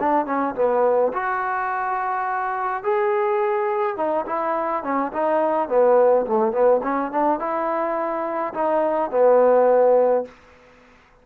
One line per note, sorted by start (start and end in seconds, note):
0.00 0.26 D4
0.26 0.55 C#4
0.55 1.12 B3
1.13 2.84 F#4
2.84 3.97 G#4
3.97 4.25 D#4
4.26 4.83 E4
4.83 5.12 C#4
5.13 5.69 D#4
5.69 6.26 B3
6.26 6.52 A3
6.52 6.81 B3
6.83 7.12 C#4
7.12 7.39 D4
7.39 8.54 E4
8.54 9.11 D#4
9.11 10.25 B3